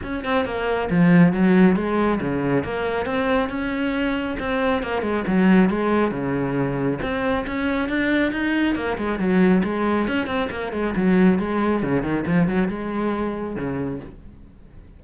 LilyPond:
\new Staff \with { instrumentName = "cello" } { \time 4/4 \tempo 4 = 137 cis'8 c'8 ais4 f4 fis4 | gis4 cis4 ais4 c'4 | cis'2 c'4 ais8 gis8 | fis4 gis4 cis2 |
c'4 cis'4 d'4 dis'4 | ais8 gis8 fis4 gis4 cis'8 c'8 | ais8 gis8 fis4 gis4 cis8 dis8 | f8 fis8 gis2 cis4 | }